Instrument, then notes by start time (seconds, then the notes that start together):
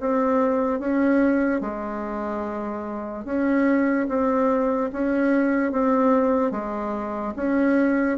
bassoon
0.00 C4
0.80 C#4
1.61 G#3
3.25 C#4
4.08 C4
4.92 C#4
5.72 C4
6.52 G#3
7.36 C#4